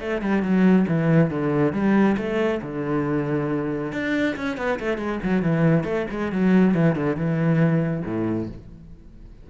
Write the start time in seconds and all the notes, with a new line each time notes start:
0.00 A3
0.22 G3
0.42 F#3
0.88 E3
1.30 D3
1.73 G3
2.17 A3
2.62 D3
3.92 D4
4.36 C#4
4.57 B3
4.80 A3
4.97 G#3
5.23 F#3
5.42 E3
5.84 A3
6.10 G#3
6.32 F#3
6.74 E3
6.96 D3
7.16 E3
8.05 A2